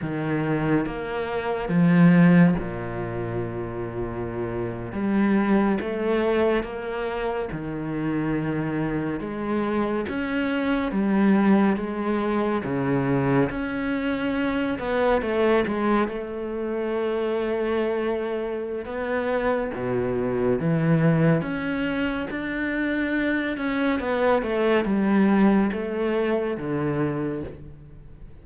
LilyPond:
\new Staff \with { instrumentName = "cello" } { \time 4/4 \tempo 4 = 70 dis4 ais4 f4 ais,4~ | ais,4.~ ais,16 g4 a4 ais16~ | ais8. dis2 gis4 cis'16~ | cis'8. g4 gis4 cis4 cis'16~ |
cis'4~ cis'16 b8 a8 gis8 a4~ a16~ | a2 b4 b,4 | e4 cis'4 d'4. cis'8 | b8 a8 g4 a4 d4 | }